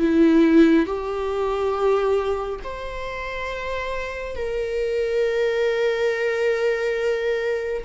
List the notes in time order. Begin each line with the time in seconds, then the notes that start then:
0.00 E4
0.86 G4
2.64 C5
4.36 A#4